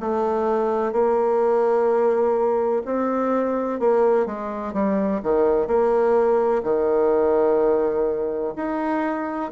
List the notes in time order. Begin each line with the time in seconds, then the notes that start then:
0.00 A3
0.92 A#3
2.85 C4
3.79 A#3
4.26 G#3
4.73 G3
5.23 D#3
5.67 A#3
6.63 D#3
8.55 D#4